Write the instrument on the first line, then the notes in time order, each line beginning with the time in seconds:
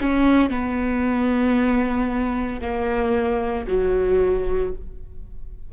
viola
0.00 C#4
0.50 B3
2.61 A#3
3.67 F#3